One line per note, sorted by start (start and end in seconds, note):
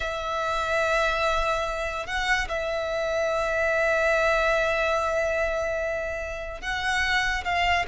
0.00 2.06 E5
2.06 2.48 F#5
2.48 6.61 E5
6.61 7.44 F#5
7.44 7.85 F5